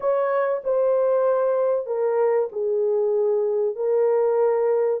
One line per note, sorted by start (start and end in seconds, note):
0.00 0.62 C#5
0.64 1.86 C5
1.86 2.48 A#4
2.51 3.75 G#4
3.75 5.00 A#4